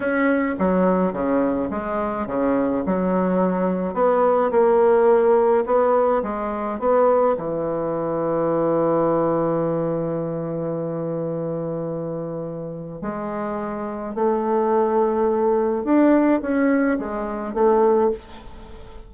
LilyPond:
\new Staff \with { instrumentName = "bassoon" } { \time 4/4 \tempo 4 = 106 cis'4 fis4 cis4 gis4 | cis4 fis2 b4 | ais2 b4 gis4 | b4 e2.~ |
e1~ | e2. gis4~ | gis4 a2. | d'4 cis'4 gis4 a4 | }